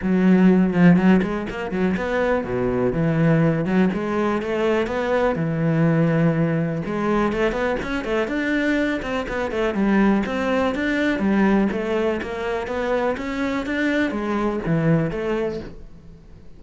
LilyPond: \new Staff \with { instrumentName = "cello" } { \time 4/4 \tempo 4 = 123 fis4. f8 fis8 gis8 ais8 fis8 | b4 b,4 e4. fis8 | gis4 a4 b4 e4~ | e2 gis4 a8 b8 |
cis'8 a8 d'4. c'8 b8 a8 | g4 c'4 d'4 g4 | a4 ais4 b4 cis'4 | d'4 gis4 e4 a4 | }